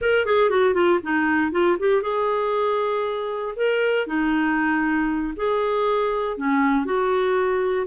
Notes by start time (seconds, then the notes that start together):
0.01 A#4
0.25 G#4
0.49 F#4
0.74 F4
1.02 D#4
1.51 F4
1.79 G4
2.02 G#4
3.55 A#4
4.07 D#4
5.36 G#4
6.37 C#4
6.85 F#4